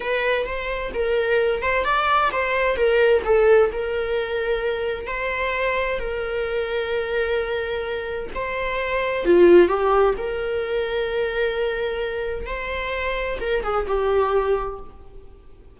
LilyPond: \new Staff \with { instrumentName = "viola" } { \time 4/4 \tempo 4 = 130 b'4 c''4 ais'4. c''8 | d''4 c''4 ais'4 a'4 | ais'2. c''4~ | c''4 ais'2.~ |
ais'2 c''2 | f'4 g'4 ais'2~ | ais'2. c''4~ | c''4 ais'8 gis'8 g'2 | }